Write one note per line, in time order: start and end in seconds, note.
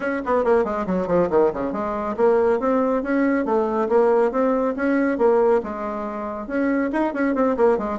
0.00 0.22 C#4
0.25 0.44 B3
0.44 0.64 A#3
0.64 0.86 G#3
0.86 1.07 F#3
1.07 1.28 F3
1.30 1.51 D#3
1.53 1.72 C#3
1.72 2.15 G#3
2.16 2.59 A#3
2.59 3.02 C4
3.02 3.45 C#4
3.45 3.88 A3
3.88 4.31 A#3
4.31 4.75 C4
4.75 5.18 C#4
5.18 5.61 A#3
5.63 6.47 G#3
6.47 6.90 C#4
6.92 7.13 D#4
7.13 7.34 C#4
7.34 7.56 C4
7.56 7.78 A#3
7.78 7.99 G#3